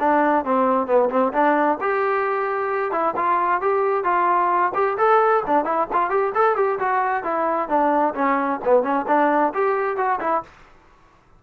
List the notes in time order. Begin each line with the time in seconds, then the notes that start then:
0.00 D4
0.45 C4
0.87 B3
1.10 C4
1.33 D4
1.81 G4
2.92 E4
3.16 F4
3.61 G4
4.04 F4
4.75 G4
4.98 A4
5.47 D4
5.65 E4
5.93 F4
6.10 G4
6.35 A4
6.56 G4
6.79 F#4
7.24 E4
7.69 D4
8.15 C#4
8.65 B3
8.83 C#4
9.08 D4
9.54 G4
9.97 F#4
10.20 E4